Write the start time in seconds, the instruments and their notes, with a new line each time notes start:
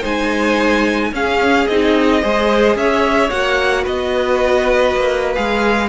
0.00 cello G#3, viola D#4, violin C5 G#5
1.12 cello C#4, viola C#4, violin G#4 F5
1.67 cello C4, viola D#4, violin D#5
2.21 cello G#3, viola G#4, violin C5
2.75 cello C#4, violin C#5 E5
3.30 cello A#3, viola F#4, violin F#5
3.83 cello B3, violin B4 D#5
4.95 cello A#3
5.34 cello G#3, viola G#4, violin F5